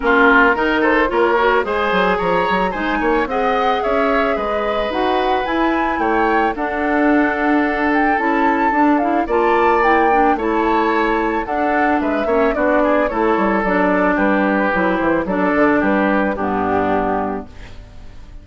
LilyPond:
<<
  \new Staff \with { instrumentName = "flute" } { \time 4/4 \tempo 4 = 110 ais'4. c''8 cis''4 gis''4 | ais''4 gis''4 fis''4 e''4 | dis''4 fis''4 gis''4 g''4 | fis''2~ fis''8 g''8 a''4~ |
a''8 f''8 a''4 g''4 a''4~ | a''4 fis''4 e''4 d''4 | cis''4 d''4 b'4. c''8 | d''4 b'4 g'2 | }
  \new Staff \with { instrumentName = "oboe" } { \time 4/4 f'4 ais'8 a'8 ais'4 c''4 | cis''4 c''8 cis''8 dis''4 cis''4 | b'2. cis''4 | a'1~ |
a'4 d''2 cis''4~ | cis''4 a'4 b'8 cis''8 fis'8 gis'8 | a'2 g'2 | a'4 g'4 d'2 | }
  \new Staff \with { instrumentName = "clarinet" } { \time 4/4 cis'4 dis'4 f'8 fis'8 gis'4~ | gis'4 dis'4 gis'2~ | gis'4 fis'4 e'2 | d'2. e'4 |
d'8 e'8 f'4 e'8 d'8 e'4~ | e'4 d'4. cis'8 d'4 | e'4 d'2 e'4 | d'2 b2 | }
  \new Staff \with { instrumentName = "bassoon" } { \time 4/4 ais4 dis4 ais4 gis8 fis8 | f8 fis8 gis8 ais8 c'4 cis'4 | gis4 dis'4 e'4 a4 | d'2. cis'4 |
d'4 ais2 a4~ | a4 d'4 gis8 ais8 b4 | a8 g8 fis4 g4 fis8 e8 | fis8 d8 g4 g,2 | }
>>